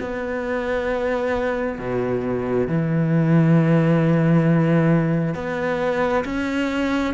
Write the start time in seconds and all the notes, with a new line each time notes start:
0.00 B3
1.79 B2
2.67 E3
5.34 B3
6.24 C#4